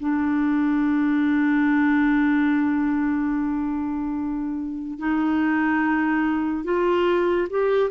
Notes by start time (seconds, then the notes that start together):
0.00 D4
4.99 D#4
6.64 F4
7.50 G4